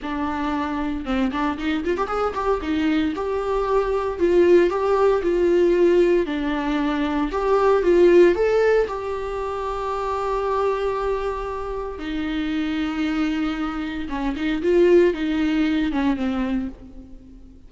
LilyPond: \new Staff \with { instrumentName = "viola" } { \time 4/4 \tempo 4 = 115 d'2 c'8 d'8 dis'8 f'16 g'16 | gis'8 g'8 dis'4 g'2 | f'4 g'4 f'2 | d'2 g'4 f'4 |
a'4 g'2.~ | g'2. dis'4~ | dis'2. cis'8 dis'8 | f'4 dis'4. cis'8 c'4 | }